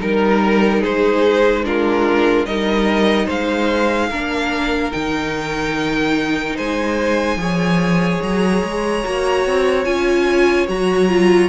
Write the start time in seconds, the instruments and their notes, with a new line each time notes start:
0.00 cello G3, viola D#4, violin A#4
0.80 cello G#3, violin G#4 C5
1.64 viola D4, violin F4 A#4
2.46 cello G3, viola D#4, violin A#4 D#5
3.26 cello G#3, violin C5 F5
4.10 cello A#3, viola D4, violin A#4
4.92 cello D#3, viola D#4, violin G5
6.55 cello G#3, violin C5 G#5
7.37 cello F3, viola G#4, violin C#5
8.22 cello F#3, violin A#5
8.64 cello G#3
9.04 cello A#3, viola F#4
9.46 cello C4
9.85 cello C#4, viola F4, violin G#5
10.68 cello F#3, viola F#4, violin A#5
11.09 viola F4